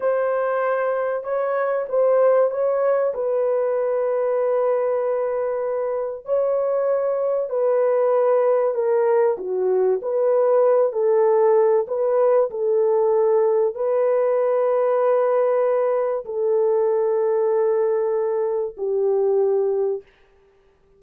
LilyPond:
\new Staff \with { instrumentName = "horn" } { \time 4/4 \tempo 4 = 96 c''2 cis''4 c''4 | cis''4 b'2.~ | b'2 cis''2 | b'2 ais'4 fis'4 |
b'4. a'4. b'4 | a'2 b'2~ | b'2 a'2~ | a'2 g'2 | }